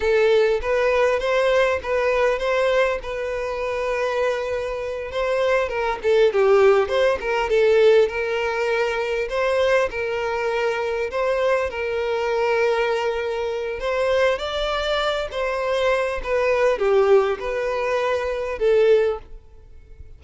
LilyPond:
\new Staff \with { instrumentName = "violin" } { \time 4/4 \tempo 4 = 100 a'4 b'4 c''4 b'4 | c''4 b'2.~ | b'8 c''4 ais'8 a'8 g'4 c''8 | ais'8 a'4 ais'2 c''8~ |
c''8 ais'2 c''4 ais'8~ | ais'2. c''4 | d''4. c''4. b'4 | g'4 b'2 a'4 | }